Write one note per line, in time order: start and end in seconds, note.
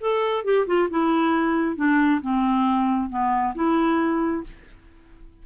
0.00 0.44 A4
0.44 0.66 G4
0.66 0.88 F4
0.90 1.76 E4
1.76 2.20 D4
2.21 3.09 C4
3.09 3.54 B3
3.55 4.43 E4